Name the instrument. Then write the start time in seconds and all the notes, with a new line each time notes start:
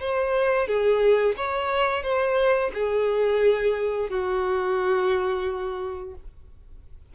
violin
0.00 C5
0.68 G#4
1.37 C#5
2.03 C5
2.74 G#4
4.10 F#4